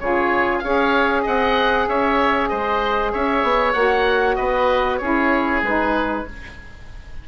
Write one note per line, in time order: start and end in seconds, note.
0.00 0.64 C#3
0.00 0.64 F4
0.00 0.64 G#4
0.00 0.59 C#5
0.59 1.27 C#4
0.59 3.76 G#4
0.59 1.23 C#5
0.59 1.21 F5
1.23 1.88 C4
1.23 1.85 D#5
1.23 1.89 F#5
1.88 2.51 C#4
1.88 2.50 C#5
1.88 2.49 E5
2.49 3.14 G#3
2.49 3.12 C5
2.49 3.11 D#5
3.12 3.43 C#4
3.12 4.37 C#5
3.12 3.73 E5
3.43 3.74 B3
3.73 4.38 A#3
3.73 5.01 F#4
3.73 4.36 F#5
4.36 5.01 B3
4.36 5.00 B4
4.36 4.98 D#5
4.98 5.62 C#4
4.98 5.64 E4
4.98 6.26 G#4
4.98 5.60 C#5
5.62 6.25 G#3
5.62 6.28 D#4
5.62 6.27 B4